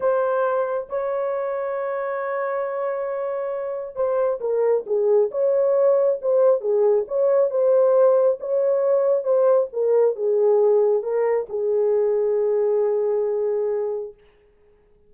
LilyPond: \new Staff \with { instrumentName = "horn" } { \time 4/4 \tempo 4 = 136 c''2 cis''2~ | cis''1~ | cis''4 c''4 ais'4 gis'4 | cis''2 c''4 gis'4 |
cis''4 c''2 cis''4~ | cis''4 c''4 ais'4 gis'4~ | gis'4 ais'4 gis'2~ | gis'1 | }